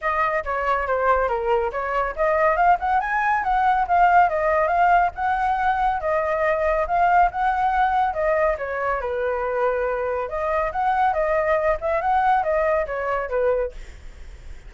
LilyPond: \new Staff \with { instrumentName = "flute" } { \time 4/4 \tempo 4 = 140 dis''4 cis''4 c''4 ais'4 | cis''4 dis''4 f''8 fis''8 gis''4 | fis''4 f''4 dis''4 f''4 | fis''2 dis''2 |
f''4 fis''2 dis''4 | cis''4 b'2. | dis''4 fis''4 dis''4. e''8 | fis''4 dis''4 cis''4 b'4 | }